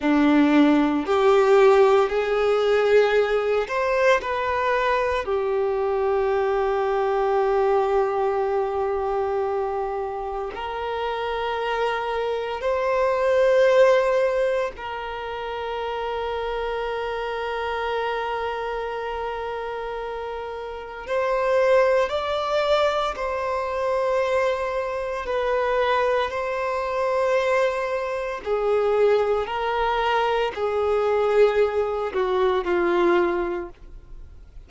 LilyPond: \new Staff \with { instrumentName = "violin" } { \time 4/4 \tempo 4 = 57 d'4 g'4 gis'4. c''8 | b'4 g'2.~ | g'2 ais'2 | c''2 ais'2~ |
ais'1 | c''4 d''4 c''2 | b'4 c''2 gis'4 | ais'4 gis'4. fis'8 f'4 | }